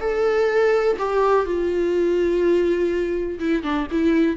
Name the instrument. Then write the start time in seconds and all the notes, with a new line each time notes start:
viola
0.00 A4
0.98 G4
1.45 F4
3.39 E4
3.63 D4
3.91 E4